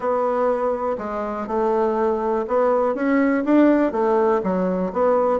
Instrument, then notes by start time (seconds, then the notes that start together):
bassoon
0.00 B3
0.97 G#3
1.47 A3
2.47 B3
2.94 C#4
3.44 D4
3.91 A3
4.43 F#3
4.92 B3